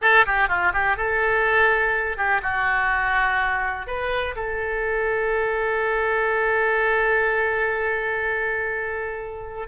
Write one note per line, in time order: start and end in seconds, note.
0.01 0.25 A4
0.26 0.48 G4
0.48 0.72 F4
0.73 0.97 G4
0.97 2.17 A4
2.17 2.41 G4
2.42 3.86 F#4
3.86 4.35 B4
4.35 9.68 A4